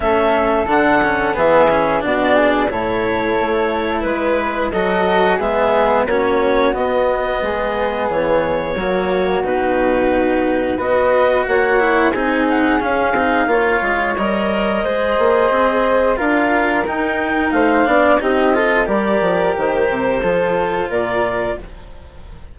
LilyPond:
<<
  \new Staff \with { instrumentName = "clarinet" } { \time 4/4 \tempo 4 = 89 e''4 fis''4 e''4 d''4 | cis''2 b'4 dis''4 | e''4 cis''4 dis''2 | cis''2 b'2 |
dis''4 fis''4 gis''8 fis''8 f''4~ | f''4 dis''2. | f''4 g''4 f''4 dis''4 | d''4 c''2 d''4 | }
  \new Staff \with { instrumentName = "flute" } { \time 4/4 a'2 gis'4 fis'8 gis'8 | a'2 b'4 a'4 | gis'4 fis'2 gis'4~ | gis'4 fis'2. |
b'4 cis''4 gis'2 | cis''2 c''2 | ais'2 c''8 d''8 g'8 a'8 | ais'2 a'4 ais'4 | }
  \new Staff \with { instrumentName = "cello" } { \time 4/4 cis'4 d'8 cis'8 b8 cis'8 d'4 | e'2. fis'4 | b4 cis'4 b2~ | b4 ais4 dis'2 |
fis'4. e'8 dis'4 cis'8 dis'8 | f'4 ais'4 gis'2 | f'4 dis'4. d'8 dis'8 f'8 | g'2 f'2 | }
  \new Staff \with { instrumentName = "bassoon" } { \time 4/4 a4 d4 e4 b,4 | a,4 a4 gis4 fis4 | gis4 ais4 b4 gis4 | e4 fis4 b,2 |
b4 ais4 c'4 cis'8 c'8 | ais8 gis8 g4 gis8 ais8 c'4 | d'4 dis'4 a8 b8 c'4 | g8 f8 dis8 c8 f4 ais,4 | }
>>